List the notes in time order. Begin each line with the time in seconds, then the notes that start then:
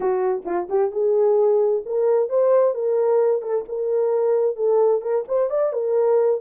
0.00 F#4
0.45 F4
0.69 G4
0.91 G#4
1.85 A#4
2.29 C5
2.74 A#4
3.41 A4
3.68 A#4
4.56 A4
5.01 A#4
5.28 C5
5.50 D5
5.72 A#4